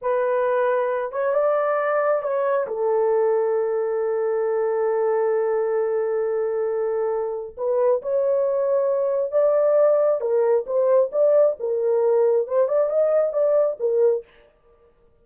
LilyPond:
\new Staff \with { instrumentName = "horn" } { \time 4/4 \tempo 4 = 135 b'2~ b'8 cis''8 d''4~ | d''4 cis''4 a'2~ | a'1~ | a'1~ |
a'4 b'4 cis''2~ | cis''4 d''2 ais'4 | c''4 d''4 ais'2 | c''8 d''8 dis''4 d''4 ais'4 | }